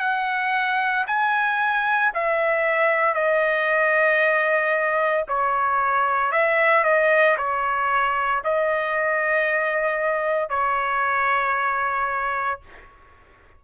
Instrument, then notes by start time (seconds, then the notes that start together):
trumpet
0.00 F#5
1.07 G#5
2.14 E5
3.14 D#5
5.28 C#5
6.32 E5
6.84 D#5
7.38 C#5
8.44 D#5
10.50 C#5